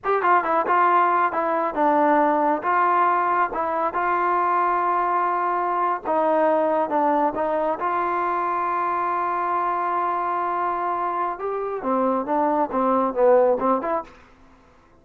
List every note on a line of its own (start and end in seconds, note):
0.04 0.22 G4
0.22 0.44 F4
0.44 0.65 E4
0.66 1.32 F4
1.32 1.74 E4
1.74 2.62 D4
2.62 3.49 F4
3.53 3.93 E4
3.93 6.01 F4
6.06 6.89 D#4
6.89 7.33 D4
7.35 7.79 D#4
7.79 11.39 F4
11.39 11.82 G4
11.82 12.25 C4
12.25 12.69 D4
12.71 13.13 C4
13.13 13.57 B3
13.59 13.81 C4
13.81 14.03 E4